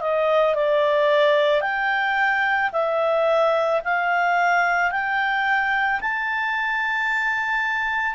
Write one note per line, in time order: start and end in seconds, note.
0.00 0.55 D#5
0.55 1.61 D5
1.61 2.70 G5
2.72 3.81 E5
3.84 4.91 F5
4.91 6.00 G5
6.00 8.15 A5